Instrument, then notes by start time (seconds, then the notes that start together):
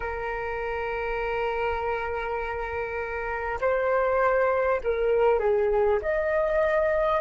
flute
0.00 A#4
3.60 C5
4.83 A#4
5.39 G#4
6.02 D#5